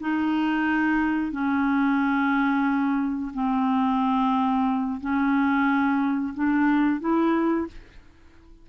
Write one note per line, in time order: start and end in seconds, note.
0.00 1.32 D#4
1.32 3.32 C#4
3.33 5.00 C4
5.00 6.33 C#4
6.34 7.00 D4
7.00 7.66 E4